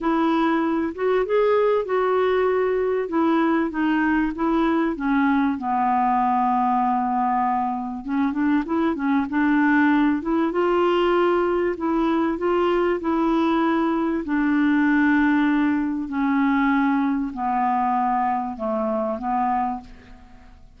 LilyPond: \new Staff \with { instrumentName = "clarinet" } { \time 4/4 \tempo 4 = 97 e'4. fis'8 gis'4 fis'4~ | fis'4 e'4 dis'4 e'4 | cis'4 b2.~ | b4 cis'8 d'8 e'8 cis'8 d'4~ |
d'8 e'8 f'2 e'4 | f'4 e'2 d'4~ | d'2 cis'2 | b2 a4 b4 | }